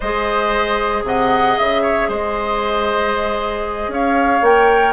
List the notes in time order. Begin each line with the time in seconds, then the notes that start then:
0.00 G#3 G#4 C5 D#5
1.03 C3 D#5 F#5
1.57 C#3 E5
1.82 C#5
2.08 G#3 C5 D#5
3.87 C#4 C#5 F5
4.42 A#3 A#4 G5